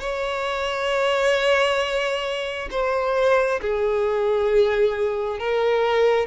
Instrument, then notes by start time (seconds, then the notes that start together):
violin
0.00 C#5
2.71 C5
3.61 G#4
5.39 A#4